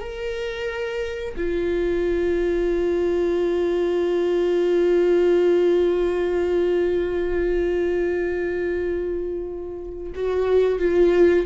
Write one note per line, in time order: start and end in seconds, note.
0.00 1.35 A#4
1.36 10.13 F4
10.15 10.79 F#4
10.79 11.46 F4